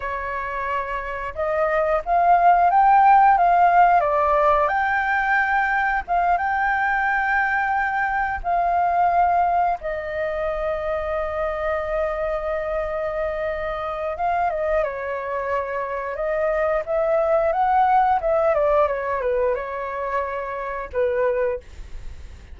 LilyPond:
\new Staff \with { instrumentName = "flute" } { \time 4/4 \tempo 4 = 89 cis''2 dis''4 f''4 | g''4 f''4 d''4 g''4~ | g''4 f''8 g''2~ g''8~ | g''8 f''2 dis''4.~ |
dis''1~ | dis''4 f''8 dis''8 cis''2 | dis''4 e''4 fis''4 e''8 d''8 | cis''8 b'8 cis''2 b'4 | }